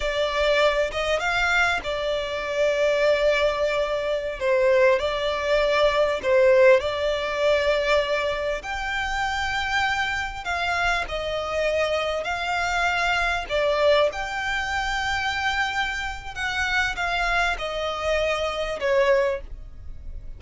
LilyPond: \new Staff \with { instrumentName = "violin" } { \time 4/4 \tempo 4 = 99 d''4. dis''8 f''4 d''4~ | d''2.~ d''16 c''8.~ | c''16 d''2 c''4 d''8.~ | d''2~ d''16 g''4.~ g''16~ |
g''4~ g''16 f''4 dis''4.~ dis''16~ | dis''16 f''2 d''4 g''8.~ | g''2. fis''4 | f''4 dis''2 cis''4 | }